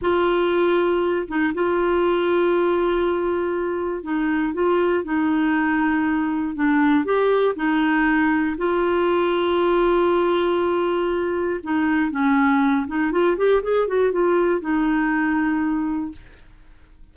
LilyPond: \new Staff \with { instrumentName = "clarinet" } { \time 4/4 \tempo 4 = 119 f'2~ f'8 dis'8 f'4~ | f'1 | dis'4 f'4 dis'2~ | dis'4 d'4 g'4 dis'4~ |
dis'4 f'2.~ | f'2. dis'4 | cis'4. dis'8 f'8 g'8 gis'8 fis'8 | f'4 dis'2. | }